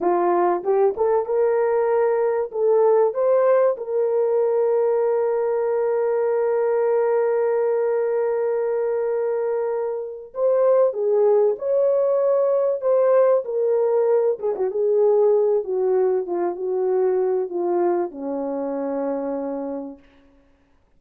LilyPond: \new Staff \with { instrumentName = "horn" } { \time 4/4 \tempo 4 = 96 f'4 g'8 a'8 ais'2 | a'4 c''4 ais'2~ | ais'1~ | ais'1~ |
ais'8 c''4 gis'4 cis''4.~ | cis''8 c''4 ais'4. gis'16 fis'16 gis'8~ | gis'4 fis'4 f'8 fis'4. | f'4 cis'2. | }